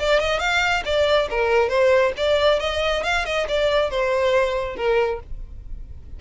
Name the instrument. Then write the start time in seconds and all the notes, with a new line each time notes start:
violin
0.00 D5
0.20 D#5
0.40 F5
0.85 D5
1.31 A#4
1.69 C5
2.17 D5
2.60 D#5
3.04 F5
3.26 D#5
3.49 D5
3.91 C5
4.77 A#4